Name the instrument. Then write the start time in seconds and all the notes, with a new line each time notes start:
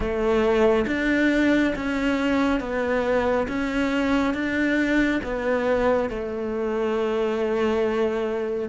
cello
0.00 A3
0.87 D4
1.75 C#4
2.60 B3
3.47 C#4
4.34 D4
5.23 B3
6.09 A3